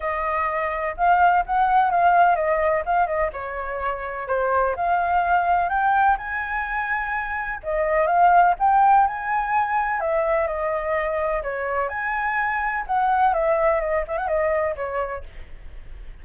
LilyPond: \new Staff \with { instrumentName = "flute" } { \time 4/4 \tempo 4 = 126 dis''2 f''4 fis''4 | f''4 dis''4 f''8 dis''8 cis''4~ | cis''4 c''4 f''2 | g''4 gis''2. |
dis''4 f''4 g''4 gis''4~ | gis''4 e''4 dis''2 | cis''4 gis''2 fis''4 | e''4 dis''8 e''16 fis''16 dis''4 cis''4 | }